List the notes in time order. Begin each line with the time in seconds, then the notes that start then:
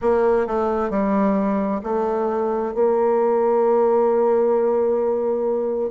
0.01 A#3
0.46 A3
0.90 G3
1.83 A3
2.74 A#3